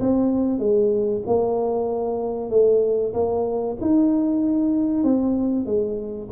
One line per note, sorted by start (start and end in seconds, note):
0.00 0.59 C4
0.59 1.22 G#3
1.26 2.50 A#3
2.50 3.13 A3
3.13 3.76 A#3
3.80 5.03 D#4
5.03 5.65 C4
5.65 6.28 G#3